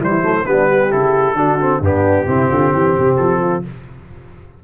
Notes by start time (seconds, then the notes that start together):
0.00 E3 G3 E4 C5
0.21 F#3 A3
0.46 G3 B3 D4 B4
0.69 G4
0.90 C#3 E4 A4
1.34 D3 D4 F#4
1.60 C4
1.80 G2 B3 D4 G4
2.27 C3 C4 E4
2.49 D3 F4
2.73 E3 G4
2.98 C3
3.17 F3 A4
3.40 F4